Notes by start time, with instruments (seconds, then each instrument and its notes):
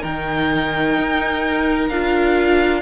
0.00 cello D#3, viola D#4, violin A#4 G5
0.98 cello D#4
1.89 cello D4, viola F4, violin F5